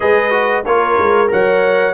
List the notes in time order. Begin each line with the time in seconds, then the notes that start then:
0.00 G#3 G#4 B4 D#5
0.30 F#4
0.65 A#3 F4 A#4 C#5
0.98 G#3
1.27 F#3 A#4 C#5 F#5